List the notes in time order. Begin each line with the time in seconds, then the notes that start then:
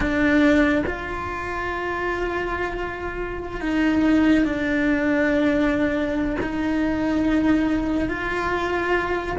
0.00 D4
0.86 F4
3.60 D#4
4.45 D4
6.42 D#4
8.08 F4